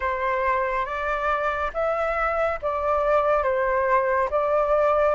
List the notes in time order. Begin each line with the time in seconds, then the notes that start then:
0.00 C5
0.85 D5
1.73 E5
2.61 D5
3.43 C5
4.30 D5